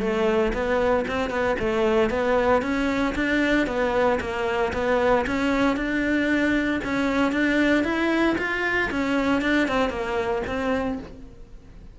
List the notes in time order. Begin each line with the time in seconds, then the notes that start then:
0.00 A3
0.53 B3
1.07 C4
1.30 B3
1.59 A3
2.10 B3
2.62 C#4
3.15 D4
3.67 B3
4.20 A#3
4.73 B3
5.27 C#4
5.76 D4
6.84 C#4
7.32 D4
7.84 E4
8.38 F4
8.91 C#4
9.42 D4
9.68 C4
9.90 A#3
10.47 C4